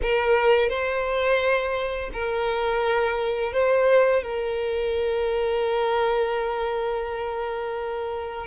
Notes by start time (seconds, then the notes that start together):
0.02 A#4
0.69 C5
2.13 A#4
3.53 C5
4.23 A#4